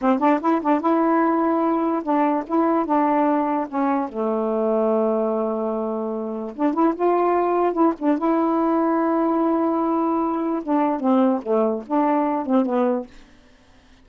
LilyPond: \new Staff \with { instrumentName = "saxophone" } { \time 4/4 \tempo 4 = 147 c'8 d'8 e'8 d'8 e'2~ | e'4 d'4 e'4 d'4~ | d'4 cis'4 a2~ | a1 |
d'8 e'8 f'2 e'8 d'8 | e'1~ | e'2 d'4 c'4 | a4 d'4. c'8 b4 | }